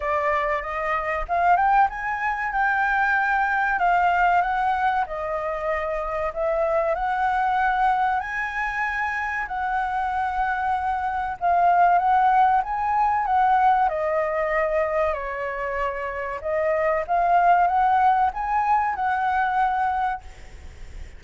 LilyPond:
\new Staff \with { instrumentName = "flute" } { \time 4/4 \tempo 4 = 95 d''4 dis''4 f''8 g''8 gis''4 | g''2 f''4 fis''4 | dis''2 e''4 fis''4~ | fis''4 gis''2 fis''4~ |
fis''2 f''4 fis''4 | gis''4 fis''4 dis''2 | cis''2 dis''4 f''4 | fis''4 gis''4 fis''2 | }